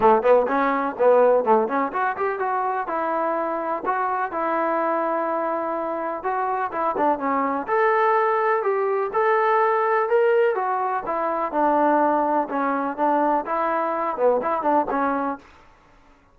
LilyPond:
\new Staff \with { instrumentName = "trombone" } { \time 4/4 \tempo 4 = 125 a8 b8 cis'4 b4 a8 cis'8 | fis'8 g'8 fis'4 e'2 | fis'4 e'2.~ | e'4 fis'4 e'8 d'8 cis'4 |
a'2 g'4 a'4~ | a'4 ais'4 fis'4 e'4 | d'2 cis'4 d'4 | e'4. b8 e'8 d'8 cis'4 | }